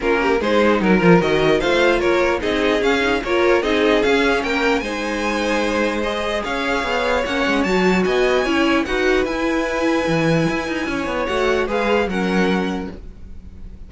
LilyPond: <<
  \new Staff \with { instrumentName = "violin" } { \time 4/4 \tempo 4 = 149 ais'4 c''4 ais'4 dis''4 | f''4 cis''4 dis''4 f''4 | cis''4 dis''4 f''4 g''4 | gis''2. dis''4 |
f''2 fis''4 a''4 | gis''2 fis''4 gis''4~ | gis''1 | fis''4 f''4 fis''2 | }
  \new Staff \with { instrumentName = "violin" } { \time 4/4 f'8 g'8 gis'4 ais'2 | c''4 ais'4 gis'2 | ais'4 gis'2 ais'4 | c''1 |
cis''1 | dis''4 cis''4 b'2~ | b'2. cis''4~ | cis''4 b'4 ais'2 | }
  \new Staff \with { instrumentName = "viola" } { \time 4/4 cis'4 dis'4. f'8 fis'4 | f'2 dis'4 cis'8 dis'8 | f'4 dis'4 cis'2 | dis'2. gis'4~ |
gis'2 cis'4 fis'4~ | fis'4 e'4 fis'4 e'4~ | e'1 | fis'4 gis'4 cis'2 | }
  \new Staff \with { instrumentName = "cello" } { \time 4/4 ais4 gis4 fis8 f8 dis4 | a4 ais4 c'4 cis'4 | ais4 c'4 cis'4 ais4 | gis1 |
cis'4 b4 ais8 gis8 fis4 | b4 cis'4 dis'4 e'4~ | e'4 e4 e'8 dis'8 cis'8 b8 | a4 gis4 fis2 | }
>>